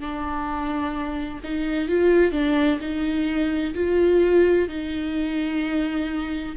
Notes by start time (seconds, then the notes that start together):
0.00 D4
1.44 D#4
1.89 F4
2.32 D4
2.81 D#4
3.75 F4
4.69 D#4